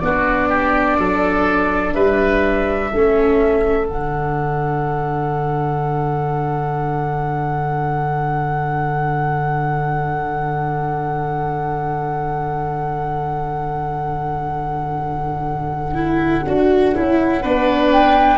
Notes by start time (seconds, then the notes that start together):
0.00 B3 D4 F#4 D5
0.49 G4
0.99 F#3 A4
1.94 G3 B4 E5
2.91 A3 C#4 A4
3.88 D3 D4 F#5
15.95 E4
16.47 D4 F#4
16.95 C#4 E4
17.42 B3 D4 B4
17.92 G5